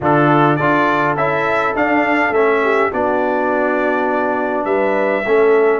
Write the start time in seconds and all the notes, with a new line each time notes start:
0.00 D3 D4 F4 A4
0.56 D4 F4 A4 D5
1.15 C#4 E4 E5
1.75 D4 F5
2.30 A3 C#4 E5
2.62 G4
2.92 B3 D4 F#4 D5
4.64 G3 B4 E5
5.24 A3 C#4 A4